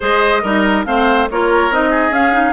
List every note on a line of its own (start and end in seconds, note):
0.00 0.43 G#3
0.00 0.43 G#4
0.00 0.42 C5
0.00 0.85 D#5
0.42 0.85 G3
0.42 0.85 D#4
0.42 0.85 A#4
0.85 1.28 A3
0.85 1.28 C4
0.85 1.29 C5
0.85 1.27 F5
1.30 1.70 A#3
1.30 1.72 F4
1.30 1.89 A#4
1.30 1.73 C#5
1.70 2.09 C4
1.70 2.11 D#4
1.70 2.13 D#5
1.89 2.53 G#4
2.09 2.52 C#4
2.09 2.32 C#4
2.09 2.53 F5
2.32 2.53 D#4